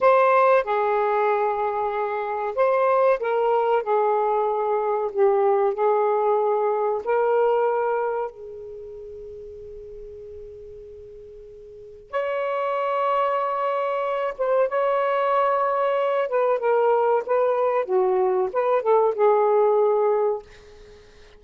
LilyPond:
\new Staff \with { instrumentName = "saxophone" } { \time 4/4 \tempo 4 = 94 c''4 gis'2. | c''4 ais'4 gis'2 | g'4 gis'2 ais'4~ | ais'4 gis'2.~ |
gis'2. cis''4~ | cis''2~ cis''8 c''8 cis''4~ | cis''4. b'8 ais'4 b'4 | fis'4 b'8 a'8 gis'2 | }